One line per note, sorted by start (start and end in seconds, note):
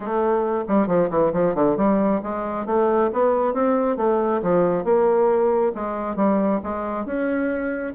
0.00 0.64 A3
0.68 0.87 G3
0.87 1.09 F3
1.09 1.32 E3
1.33 1.55 F3
1.55 1.76 D3
1.76 2.20 G3
2.23 2.66 G#3
2.66 3.10 A3
3.12 3.53 B3
3.53 3.96 C4
3.96 4.41 A3
4.42 4.84 F3
4.84 5.72 A#3
5.74 6.16 G#3
6.16 6.60 G3
6.63 7.05 G#3
7.05 7.93 C#4